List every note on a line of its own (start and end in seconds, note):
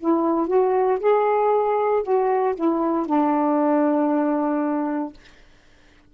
0.00 0.47 E4
0.47 0.99 F#4
1.00 2.04 G#4
2.04 2.55 F#4
2.55 3.07 E4
3.07 5.13 D4